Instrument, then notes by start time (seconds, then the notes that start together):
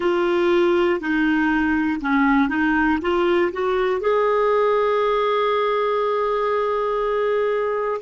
clarinet
0.00 F4
1.00 D#4
2.00 C#4
2.48 D#4
3.01 F4
3.52 F#4
4.00 G#4